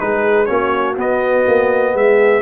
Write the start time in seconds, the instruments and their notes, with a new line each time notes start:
0.00 tuba G#3, trombone D#4, horn G#4, trumpet B4
0.46 tuba A#3, trombone C#4, horn F#4, trumpet C#5
0.97 trombone B3, tuba B3, trumpet D#5
1.48 tuba A#3
1.95 tuba G#3, horn G#4, trumpet E5